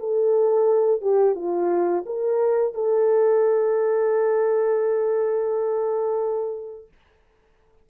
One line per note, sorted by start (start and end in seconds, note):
0.00 1.02 A4
1.02 1.35 G4
1.35 2.04 F4
2.06 2.75 A#4
2.75 6.88 A4